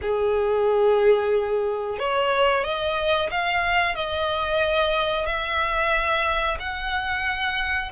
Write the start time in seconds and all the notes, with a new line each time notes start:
0.01 G#4
1.98 C#5
2.64 D#5
3.30 F5
3.95 D#5
5.25 E5
6.59 F#5